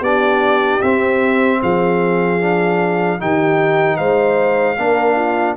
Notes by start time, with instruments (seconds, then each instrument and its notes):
0.00 tuba B3, trombone D4, horn G4, trumpet D5
0.82 tuba C4, trombone C4, trumpet E5
1.61 tuba F3, horn G#4, trumpet F5
2.40 trombone D4
3.19 tuba D#3, trombone D#4, horn G4, trumpet G5
3.96 tuba G#3, horn C5, trumpet F5
4.77 tuba A#3, trombone D4, horn A#4
5.15 horn F4